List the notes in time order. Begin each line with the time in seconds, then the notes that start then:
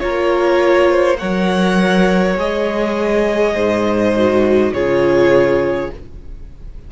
0.00 A#3 F4 A#4 C#5
0.91 C5
1.19 F#3 A#4 C#5 F#5
2.38 G#3 G#4 D#5
3.54 G#2 C5
4.16 F#4
4.73 C#3 F4 G#4 C#5